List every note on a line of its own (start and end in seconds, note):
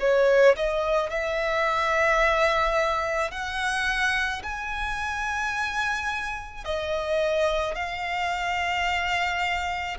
0.00 0.56 C#5
0.56 1.10 D#5
1.10 3.31 E5
3.31 4.42 F#5
4.43 6.65 G#5
6.65 7.75 D#5
7.75 9.97 F5